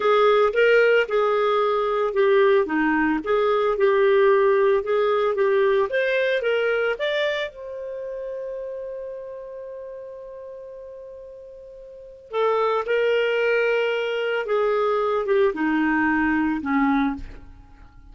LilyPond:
\new Staff \with { instrumentName = "clarinet" } { \time 4/4 \tempo 4 = 112 gis'4 ais'4 gis'2 | g'4 dis'4 gis'4 g'4~ | g'4 gis'4 g'4 c''4 | ais'4 d''4 c''2~ |
c''1~ | c''2. a'4 | ais'2. gis'4~ | gis'8 g'8 dis'2 cis'4 | }